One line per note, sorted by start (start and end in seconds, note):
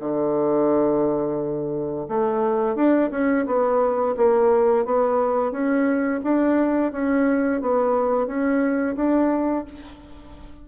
0.00 2.07 D3
2.08 2.75 A3
2.75 3.10 D4
3.11 3.45 C#4
3.46 4.15 B3
4.17 4.85 A#3
4.85 5.51 B3
5.51 6.20 C#4
6.23 6.92 D4
6.92 7.61 C#4
7.61 8.26 B3
8.26 8.95 C#4
8.96 9.65 D4